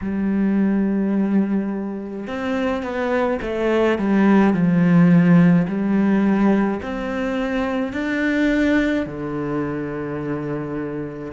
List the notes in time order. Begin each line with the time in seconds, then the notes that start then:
0.01 G3
2.26 C4
2.83 B3
3.42 A3
3.98 G3
4.53 F3
5.67 G3
6.82 C4
7.92 D4
9.06 D3